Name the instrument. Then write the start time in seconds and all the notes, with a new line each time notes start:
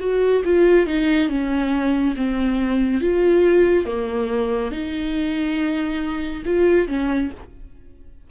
viola
0.00 F#4
0.45 F4
0.87 D#4
1.29 C#4
2.16 C4
3.01 F4
3.86 A#3
4.72 D#4
6.46 F4
6.88 C#4